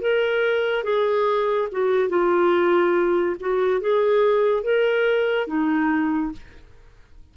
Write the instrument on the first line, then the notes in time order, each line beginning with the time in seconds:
clarinet
0.00 A#4
0.83 G#4
1.71 F#4
2.09 F4
3.40 F#4
3.80 G#4
4.63 A#4
5.47 D#4